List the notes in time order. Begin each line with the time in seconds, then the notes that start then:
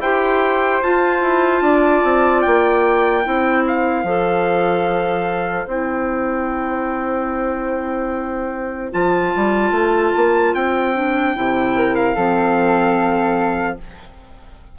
0.00 E4 G4 C5 G5
0.83 F4 A5
1.22 E4
1.62 D4 D5
2.04 C4
2.42 A#3 G5
3.24 C4 E4 C5
3.68 F5
4.04 F3 A4
5.67 C4 E4 G5
8.93 F3 F4 A5
9.35 G3
9.72 A3
10.16 A#3
10.54 C4 G5
10.95 D4
11.36 C3 E4
11.76 A#4
11.96 F5
12.16 F3 C4 A4